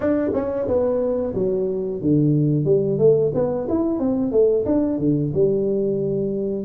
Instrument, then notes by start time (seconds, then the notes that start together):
tuba
0.00 D4
0.33 C#4
0.67 B3
1.34 F#3
2.01 D3
2.65 G3
2.98 A3
3.34 B3
3.68 E4
3.99 C4
4.31 A3
4.65 D4
4.98 D3
5.33 G3